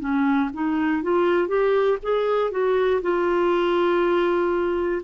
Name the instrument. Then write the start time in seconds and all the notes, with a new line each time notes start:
clarinet
0.00 C#4
0.54 D#4
1.03 F4
1.48 G4
2.03 G#4
2.51 F#4
3.02 F4